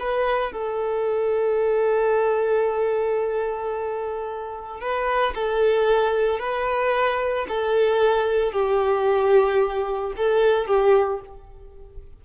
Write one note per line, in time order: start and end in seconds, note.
0.00 0.53 B4
0.53 4.81 A4
4.81 5.34 B4
5.35 6.39 A4
6.39 7.47 B4
7.49 8.53 A4
8.53 10.13 G4
10.17 10.67 A4
10.67 11.21 G4